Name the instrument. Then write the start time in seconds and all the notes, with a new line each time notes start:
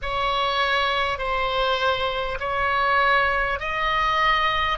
oboe
0.02 C#5
1.18 C5
2.39 C#5
3.59 D#5